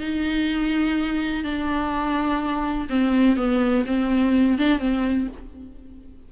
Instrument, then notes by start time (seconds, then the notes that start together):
viola
0.00 D#4
1.44 D4
2.90 C4
3.36 B3
3.86 C4
4.58 D4
4.79 C4